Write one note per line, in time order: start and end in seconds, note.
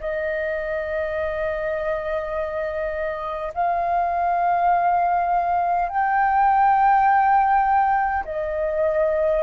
0.00 3.53 D#5
3.54 5.89 F5
5.89 8.24 G5
8.25 9.42 D#5